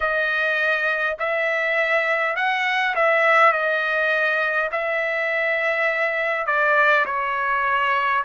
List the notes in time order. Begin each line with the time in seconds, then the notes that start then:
0.00 D#5
1.19 E5
2.35 F#5
2.95 E5
3.52 D#5
4.71 E5
6.46 D5
7.05 C#5